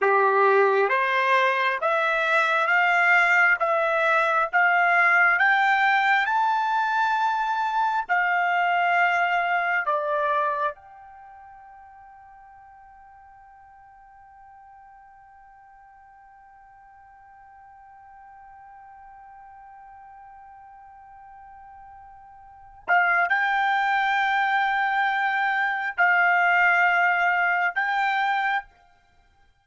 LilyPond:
\new Staff \with { instrumentName = "trumpet" } { \time 4/4 \tempo 4 = 67 g'4 c''4 e''4 f''4 | e''4 f''4 g''4 a''4~ | a''4 f''2 d''4 | g''1~ |
g''1~ | g''1~ | g''4. f''8 g''2~ | g''4 f''2 g''4 | }